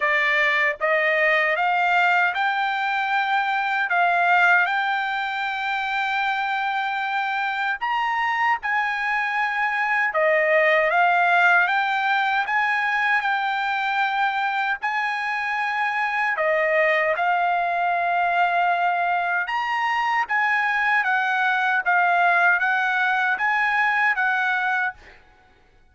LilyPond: \new Staff \with { instrumentName = "trumpet" } { \time 4/4 \tempo 4 = 77 d''4 dis''4 f''4 g''4~ | g''4 f''4 g''2~ | g''2 ais''4 gis''4~ | gis''4 dis''4 f''4 g''4 |
gis''4 g''2 gis''4~ | gis''4 dis''4 f''2~ | f''4 ais''4 gis''4 fis''4 | f''4 fis''4 gis''4 fis''4 | }